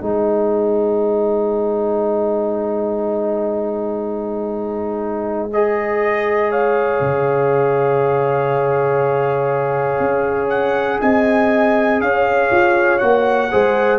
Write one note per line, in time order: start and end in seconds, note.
0.00 7.00 G#3
0.00 5.50 D#4
0.00 6.49 C5
0.00 5.52 G#5
5.52 12.99 G#4
5.52 6.51 D#5
6.49 10.99 C#5
6.49 10.49 F5
7.00 9.99 C#3
9.99 10.99 C#4
10.49 10.99 F#5
11.01 12.00 C4
11.01 12.01 D#5
11.01 12.01 G#5
12.00 12.50 C#4
12.00 13.51 C#5
12.00 12.98 F5
12.51 13.01 F4
12.98 13.51 A#3
12.98 13.49 F#4
12.98 13.98 F#5
13.51 13.99 G#3
13.51 13.99 G#4
13.51 13.99 C5